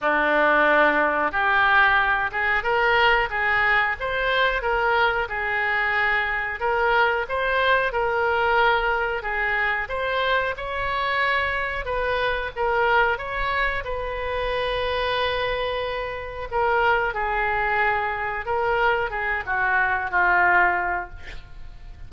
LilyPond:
\new Staff \with { instrumentName = "oboe" } { \time 4/4 \tempo 4 = 91 d'2 g'4. gis'8 | ais'4 gis'4 c''4 ais'4 | gis'2 ais'4 c''4 | ais'2 gis'4 c''4 |
cis''2 b'4 ais'4 | cis''4 b'2.~ | b'4 ais'4 gis'2 | ais'4 gis'8 fis'4 f'4. | }